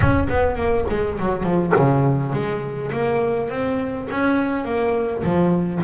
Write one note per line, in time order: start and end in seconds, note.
0.00 0.27 C#4
0.29 0.56 B3
0.56 0.85 A#3
0.89 1.18 G#3
1.19 1.43 F#3
1.43 1.72 F3
1.76 2.32 C#3
2.32 2.91 G#3
2.92 3.49 A#3
3.49 4.08 C4
4.10 4.64 C#4
4.64 5.23 A#3
5.23 5.81 F3